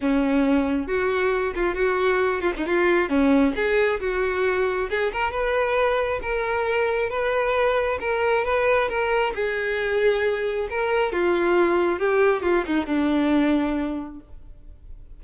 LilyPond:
\new Staff \with { instrumentName = "violin" } { \time 4/4 \tempo 4 = 135 cis'2 fis'4. f'8 | fis'4. f'16 dis'16 f'4 cis'4 | gis'4 fis'2 gis'8 ais'8 | b'2 ais'2 |
b'2 ais'4 b'4 | ais'4 gis'2. | ais'4 f'2 g'4 | f'8 dis'8 d'2. | }